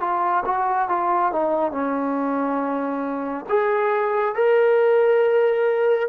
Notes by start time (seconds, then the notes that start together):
0.00 F4
0.45 F#4
0.89 F4
1.32 D#4
1.72 C#4
3.49 G#4
4.35 A#4